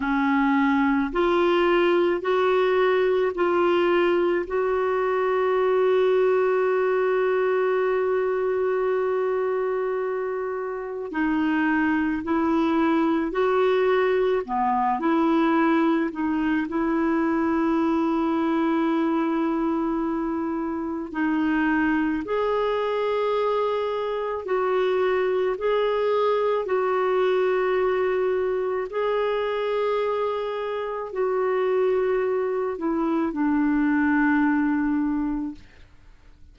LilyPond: \new Staff \with { instrumentName = "clarinet" } { \time 4/4 \tempo 4 = 54 cis'4 f'4 fis'4 f'4 | fis'1~ | fis'2 dis'4 e'4 | fis'4 b8 e'4 dis'8 e'4~ |
e'2. dis'4 | gis'2 fis'4 gis'4 | fis'2 gis'2 | fis'4. e'8 d'2 | }